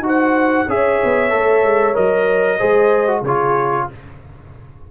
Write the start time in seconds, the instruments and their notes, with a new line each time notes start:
0.00 tuba D#4, trombone F#4
0.06 horn C5, trumpet F#5
0.67 tuba C#4, trombone G#4, horn C#5, trumpet E5
1.04 tuba B3
1.30 tuba A3, trombone A4
1.64 tuba G#3
1.94 tuba F#3, trombone A#4, trumpet D#5
2.59 tuba G#3, trombone G#4, horn C5
3.07 trombone F#4
3.22 tuba C#3, horn G#4, trumpet C#5
3.28 trombone F4